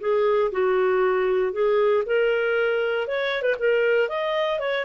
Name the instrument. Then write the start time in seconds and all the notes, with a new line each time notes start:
clarinet
0.00 G#4
0.52 F#4
1.52 G#4
2.06 A#4
3.07 C#5
3.42 B4
3.59 A#4
4.09 D#5
4.59 C#5